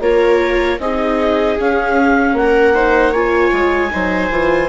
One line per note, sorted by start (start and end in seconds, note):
0.00 0.78 A#3
0.00 0.79 F4
0.00 0.80 A#4
0.00 0.79 C#5
0.79 1.57 C4
0.79 1.58 D#4
0.79 2.37 G#4
0.79 1.58 D#5
1.59 2.75 C#4
1.59 2.33 C#4
1.59 2.37 F5
2.33 3.50 A#3
2.33 3.13 F#5
2.40 2.74 A#4
2.74 3.14 D#4
2.74 3.12 C5
3.12 3.91 F4
3.12 3.90 C#5
3.12 4.69 G#5
3.52 3.91 G#3
3.91 4.31 F#3
3.91 4.30 D#4
3.91 4.69 C5
4.31 4.69 E3
4.31 4.69 F4